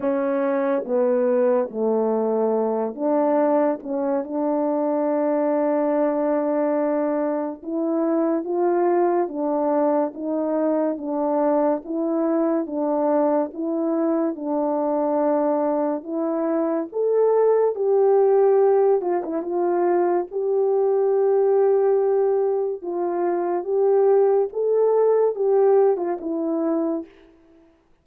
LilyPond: \new Staff \with { instrumentName = "horn" } { \time 4/4 \tempo 4 = 71 cis'4 b4 a4. d'8~ | d'8 cis'8 d'2.~ | d'4 e'4 f'4 d'4 | dis'4 d'4 e'4 d'4 |
e'4 d'2 e'4 | a'4 g'4. f'16 e'16 f'4 | g'2. f'4 | g'4 a'4 g'8. f'16 e'4 | }